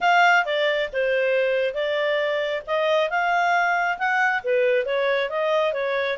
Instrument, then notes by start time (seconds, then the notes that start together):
clarinet
0.01 F5
0.45 D5
0.93 C5
1.74 D5
2.67 D#5
3.10 F5
3.98 F#5
4.43 B4
4.85 C#5
5.29 D#5
5.73 C#5